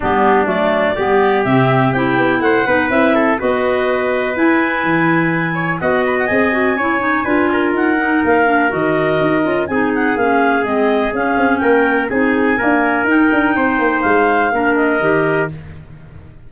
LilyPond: <<
  \new Staff \with { instrumentName = "clarinet" } { \time 4/4 \tempo 4 = 124 g'4 d''2 e''4 | g''4 fis''4 e''4 dis''4~ | dis''4 gis''2. | fis''8 b''16 fis''16 gis''2. |
fis''4 f''4 dis''2 | gis''8 fis''8 f''4 dis''4 f''4 | g''4 gis''2 g''4~ | g''4 f''4. dis''4. | }
  \new Staff \with { instrumentName = "trumpet" } { \time 4/4 d'2 g'2~ | g'4 c''8 b'4 a'8 b'4~ | b'2.~ b'8 cis''8 | dis''2 cis''4 b'8 ais'8~ |
ais'1 | gis'1 | ais'4 gis'4 ais'2 | c''2 ais'2 | }
  \new Staff \with { instrumentName = "clarinet" } { \time 4/4 b4 a4 b4 c'4 | e'4. dis'8 e'4 fis'4~ | fis'4 e'2. | fis'4 gis'8 fis'8 e'8 dis'8 f'4~ |
f'8 dis'4 d'8 fis'4. f'8 | dis'4 cis'4 c'4 cis'4~ | cis'4 dis'4 ais4 dis'4~ | dis'2 d'4 g'4 | }
  \new Staff \with { instrumentName = "tuba" } { \time 4/4 g4 fis4 g4 c4 | c'8 b8 a8 b8 c'4 b4~ | b4 e'4 e2 | b4 c'4 cis'4 d'4 |
dis'4 ais4 dis4 dis'8 cis'8 | c'4 ais4 gis4 cis'8 c'8 | ais4 c'4 d'4 dis'8 d'8 | c'8 ais8 gis4 ais4 dis4 | }
>>